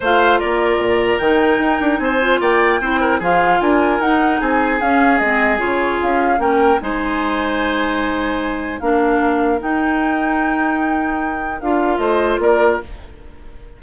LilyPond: <<
  \new Staff \with { instrumentName = "flute" } { \time 4/4 \tempo 4 = 150 f''4 d''2 g''4~ | g''4 gis''4 g''2 | f''4 gis''4 fis''4 gis''4 | f''4 dis''4 cis''4 f''4 |
g''4 gis''2.~ | gis''2 f''2 | g''1~ | g''4 f''4 dis''4 d''4 | }
  \new Staff \with { instrumentName = "oboe" } { \time 4/4 c''4 ais'2.~ | ais'4 c''4 d''4 c''8 ais'8 | gis'4 ais'2 gis'4~ | gis'1 |
ais'4 c''2.~ | c''2 ais'2~ | ais'1~ | ais'2 c''4 ais'4 | }
  \new Staff \with { instrumentName = "clarinet" } { \time 4/4 f'2. dis'4~ | dis'4. f'4. e'4 | f'2 dis'2 | cis'4 c'4 f'2 |
cis'4 dis'2.~ | dis'2 d'2 | dis'1~ | dis'4 f'2. | }
  \new Staff \with { instrumentName = "bassoon" } { \time 4/4 a4 ais4 ais,4 dis4 | dis'8 d'8 c'4 ais4 c'4 | f4 d'4 dis'4 c'4 | cis'4 gis4 cis4 cis'4 |
ais4 gis2.~ | gis2 ais2 | dis'1~ | dis'4 d'4 a4 ais4 | }
>>